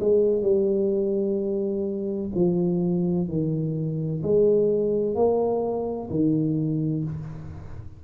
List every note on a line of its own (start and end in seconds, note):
0.00 0.42 G#3
0.42 2.29 G3
2.34 3.28 F3
3.28 4.22 D#3
4.23 5.15 G#3
5.15 6.09 A#3
6.10 7.04 D#3